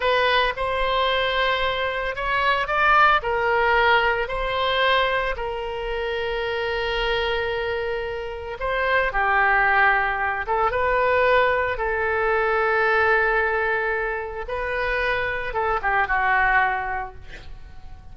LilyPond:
\new Staff \with { instrumentName = "oboe" } { \time 4/4 \tempo 4 = 112 b'4 c''2. | cis''4 d''4 ais'2 | c''2 ais'2~ | ais'1 |
c''4 g'2~ g'8 a'8 | b'2 a'2~ | a'2. b'4~ | b'4 a'8 g'8 fis'2 | }